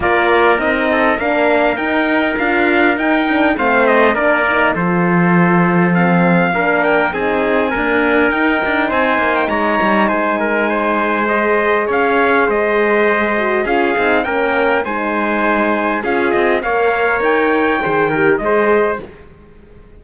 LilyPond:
<<
  \new Staff \with { instrumentName = "trumpet" } { \time 4/4 \tempo 4 = 101 d''4 dis''4 f''4 g''4 | f''4 g''4 f''8 dis''8 d''4 | c''2 f''4. g''8 | gis''2 g''4 gis''8. g''16 |
ais''4 gis''2 dis''4 | f''4 dis''2 f''4 | g''4 gis''2 f''8 dis''8 | f''4 g''2 dis''4 | }
  \new Staff \with { instrumentName = "trumpet" } { \time 4/4 ais'4. a'8 ais'2~ | ais'2 c''4 ais'4 | a'2. ais'4 | gis'4 ais'2 c''4 |
cis''4 c''8 ais'8 c''2 | cis''4 c''2 gis'4 | ais'4 c''2 gis'4 | cis''2 c''8 ais'8 c''4 | }
  \new Staff \with { instrumentName = "horn" } { \time 4/4 f'4 dis'4 d'4 dis'4 | f'4 dis'8 d'8 c'4 d'8 dis'8 | f'2 c'4 d'4 | dis'4 ais4 dis'2~ |
dis'2. gis'4~ | gis'2~ gis'8 fis'8 f'8 dis'8 | cis'4 dis'2 f'4 | ais'2 gis'8 g'8 gis'4 | }
  \new Staff \with { instrumentName = "cello" } { \time 4/4 ais4 c'4 ais4 dis'4 | d'4 dis'4 a4 ais4 | f2. ais4 | c'4 d'4 dis'8 d'8 c'8 ais8 |
gis8 g8 gis2. | cis'4 gis2 cis'8 c'8 | ais4 gis2 cis'8 c'8 | ais4 dis'4 dis4 gis4 | }
>>